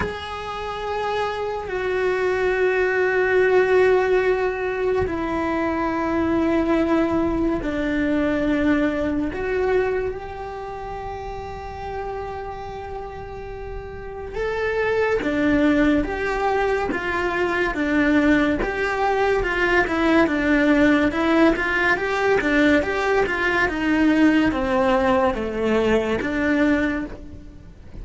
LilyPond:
\new Staff \with { instrumentName = "cello" } { \time 4/4 \tempo 4 = 71 gis'2 fis'2~ | fis'2 e'2~ | e'4 d'2 fis'4 | g'1~ |
g'4 a'4 d'4 g'4 | f'4 d'4 g'4 f'8 e'8 | d'4 e'8 f'8 g'8 d'8 g'8 f'8 | dis'4 c'4 a4 d'4 | }